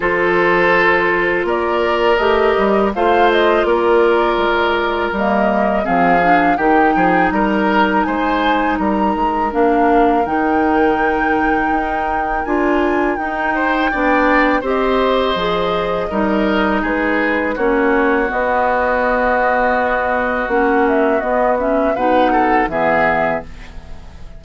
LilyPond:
<<
  \new Staff \with { instrumentName = "flute" } { \time 4/4 \tempo 4 = 82 c''2 d''4 dis''4 | f''8 dis''8 d''2 dis''4 | f''4 g''4 ais''4 gis''4 | ais''4 f''4 g''2~ |
g''4 gis''4 g''2 | dis''2. b'4 | cis''4 dis''2. | fis''8 e''8 dis''8 e''8 fis''4 e''4 | }
  \new Staff \with { instrumentName = "oboe" } { \time 4/4 a'2 ais'2 | c''4 ais'2. | gis'4 g'8 gis'8 ais'4 c''4 | ais'1~ |
ais'2~ ais'8 c''8 d''4 | c''2 ais'4 gis'4 | fis'1~ | fis'2 b'8 a'8 gis'4 | }
  \new Staff \with { instrumentName = "clarinet" } { \time 4/4 f'2. g'4 | f'2. ais4 | c'8 d'8 dis'2.~ | dis'4 d'4 dis'2~ |
dis'4 f'4 dis'4 d'4 | g'4 gis'4 dis'2 | cis'4 b2. | cis'4 b8 cis'8 dis'4 b4 | }
  \new Staff \with { instrumentName = "bassoon" } { \time 4/4 f2 ais4 a8 g8 | a4 ais4 gis4 g4 | f4 dis8 f8 g4 gis4 | g8 gis8 ais4 dis2 |
dis'4 d'4 dis'4 b4 | c'4 f4 g4 gis4 | ais4 b2. | ais4 b4 b,4 e4 | }
>>